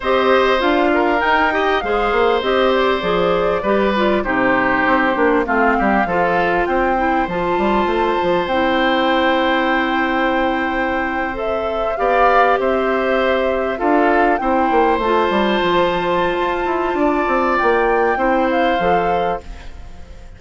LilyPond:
<<
  \new Staff \with { instrumentName = "flute" } { \time 4/4 \tempo 4 = 99 dis''4 f''4 g''4 f''4 | dis''8 d''2~ d''8 c''4~ | c''4 f''2 g''4 | a''2 g''2~ |
g''2~ g''8. e''4 f''16~ | f''8. e''2 f''4 g''16~ | g''8. a''2.~ a''16~ | a''4 g''4. f''4. | }
  \new Staff \with { instrumentName = "oboe" } { \time 4/4 c''4. ais'4 dis''8 c''4~ | c''2 b'4 g'4~ | g'4 f'8 g'8 a'4 c''4~ | c''1~ |
c''2.~ c''8. d''16~ | d''8. c''2 a'4 c''16~ | c''1 | d''2 c''2 | }
  \new Staff \with { instrumentName = "clarinet" } { \time 4/4 g'4 f'4 dis'8 g'8 gis'4 | g'4 gis'4 g'8 f'8 dis'4~ | dis'8 d'8 c'4 f'4. e'8 | f'2 e'2~ |
e'2~ e'8. a'4 g'16~ | g'2~ g'8. f'4 e'16~ | e'8. f'2.~ f'16~ | f'2 e'4 a'4 | }
  \new Staff \with { instrumentName = "bassoon" } { \time 4/4 c'4 d'4 dis'4 gis8 ais8 | c'4 f4 g4 c4 | c'8 ais8 a8 g8 f4 c'4 | f8 g8 a8 f8 c'2~ |
c'2.~ c'8. b16~ | b8. c'2 d'4 c'16~ | c'16 ais8 a8 g8 f4~ f16 f'8 e'8 | d'8 c'8 ais4 c'4 f4 | }
>>